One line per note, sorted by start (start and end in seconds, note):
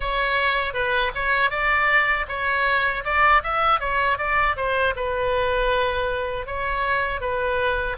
0.00 0.73 C#5
0.73 1.11 B4
1.14 1.50 C#5
1.50 2.26 D5
2.28 3.04 C#5
3.04 3.42 D5
3.43 3.80 E5
3.80 4.18 C#5
4.18 4.56 D5
4.56 4.94 C5
4.96 6.46 B4
6.46 7.20 C#5
7.20 7.96 B4